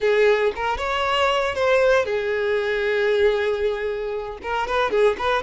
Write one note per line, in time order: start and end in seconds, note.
0.00 0.52 G#4
0.55 0.77 A#4
0.77 1.54 C#5
1.54 2.05 C5
2.05 4.38 G#4
4.42 4.67 A#4
4.67 4.90 B4
4.90 5.16 G#4
5.17 5.42 B4